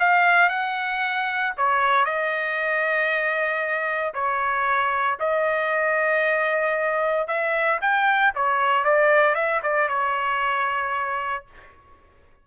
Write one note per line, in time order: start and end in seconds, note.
0.00 0.49 F5
0.49 1.54 F#5
1.58 2.06 C#5
2.06 4.14 D#5
4.15 5.19 C#5
5.20 7.28 D#5
7.28 7.80 E5
7.82 8.34 G5
8.35 8.85 C#5
8.85 9.35 D5
9.35 9.61 E5
9.63 9.89 D5
9.89 11.45 C#5